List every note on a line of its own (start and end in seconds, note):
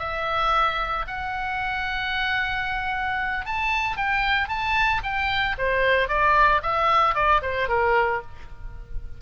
0.00 1.06 E5
1.08 3.46 F#5
3.46 3.97 A5
3.97 4.49 G5
4.49 5.02 A5
5.03 5.57 G5
5.58 6.09 C5
6.09 6.62 D5
6.63 7.15 E5
7.15 7.42 D5
7.42 7.69 C5
7.69 8.22 A#4